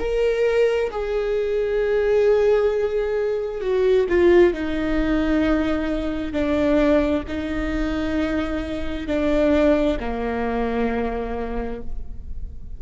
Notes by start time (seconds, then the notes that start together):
0.00 A#4
0.91 G#4
3.62 F#4
4.10 F4
4.54 D#4
6.33 D4
7.28 D#4
9.07 D4
10.00 A#3